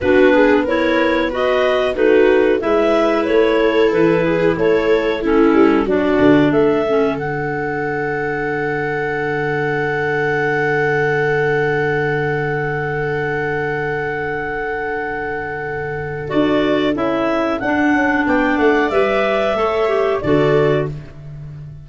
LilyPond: <<
  \new Staff \with { instrumentName = "clarinet" } { \time 4/4 \tempo 4 = 92 b'4 cis''4 dis''4 b'4 | e''4 cis''4 b'4 cis''4 | a'4 d''4 e''4 fis''4~ | fis''1~ |
fis''1~ | fis''1~ | fis''4 d''4 e''4 fis''4 | g''8 fis''8 e''2 d''4 | }
  \new Staff \with { instrumentName = "viola" } { \time 4/4 fis'8 gis'8 ais'4 b'4 fis'4 | b'4. a'4 gis'8 a'4 | e'4 fis'4 a'2~ | a'1~ |
a'1~ | a'1~ | a'1 | d''2 cis''4 a'4 | }
  \new Staff \with { instrumentName = "clarinet" } { \time 4/4 d'4 e'4 fis'4 dis'4 | e'1 | cis'4 d'4. cis'8 d'4~ | d'1~ |
d'1~ | d'1~ | d'4 fis'4 e'4 d'4~ | d'4 b'4 a'8 g'8 fis'4 | }
  \new Staff \with { instrumentName = "tuba" } { \time 4/4 b2. a4 | gis4 a4 e4 a4~ | a8 g8 fis8 d8 a4 d4~ | d1~ |
d1~ | d1~ | d4 d'4 cis'4 d'8 cis'8 | b8 a8 g4 a4 d4 | }
>>